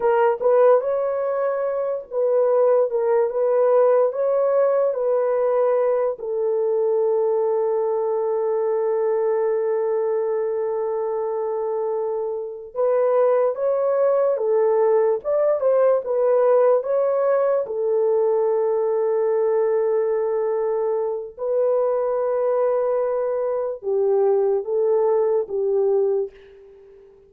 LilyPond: \new Staff \with { instrumentName = "horn" } { \time 4/4 \tempo 4 = 73 ais'8 b'8 cis''4. b'4 ais'8 | b'4 cis''4 b'4. a'8~ | a'1~ | a'2.~ a'8 b'8~ |
b'8 cis''4 a'4 d''8 c''8 b'8~ | b'8 cis''4 a'2~ a'8~ | a'2 b'2~ | b'4 g'4 a'4 g'4 | }